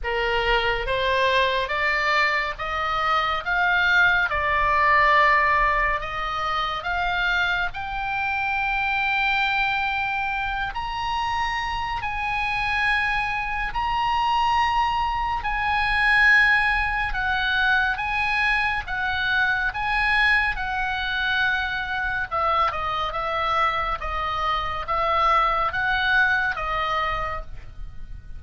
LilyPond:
\new Staff \with { instrumentName = "oboe" } { \time 4/4 \tempo 4 = 70 ais'4 c''4 d''4 dis''4 | f''4 d''2 dis''4 | f''4 g''2.~ | g''8 ais''4. gis''2 |
ais''2 gis''2 | fis''4 gis''4 fis''4 gis''4 | fis''2 e''8 dis''8 e''4 | dis''4 e''4 fis''4 dis''4 | }